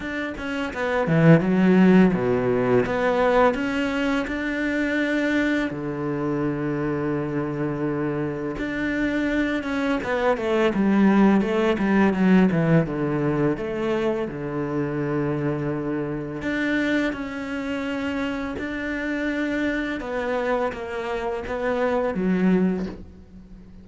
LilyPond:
\new Staff \with { instrumentName = "cello" } { \time 4/4 \tempo 4 = 84 d'8 cis'8 b8 e8 fis4 b,4 | b4 cis'4 d'2 | d1 | d'4. cis'8 b8 a8 g4 |
a8 g8 fis8 e8 d4 a4 | d2. d'4 | cis'2 d'2 | b4 ais4 b4 fis4 | }